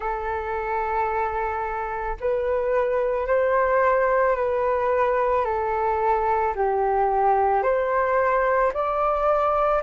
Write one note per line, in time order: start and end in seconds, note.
0.00 2.16 A4
2.20 3.26 B4
3.26 4.35 C5
4.35 5.44 B4
5.44 6.54 A4
6.55 7.63 G4
7.63 8.72 C5
8.73 9.82 D5